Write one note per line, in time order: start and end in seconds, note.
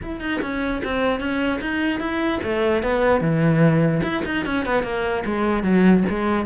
0.02 0.20 E4
0.20 0.40 D#4
0.41 0.82 C#4
0.84 1.20 C4
1.20 1.60 C#4
1.61 2.00 D#4
2.00 2.40 E4
2.43 2.82 A3
2.82 3.20 B3
3.20 4.01 E3
4.03 4.23 E4
4.25 4.45 D#4
4.45 4.65 C#4
4.65 4.83 B3
4.83 5.23 A#3
5.25 5.63 G#3
5.63 6.03 F#3
6.09 6.45 G#3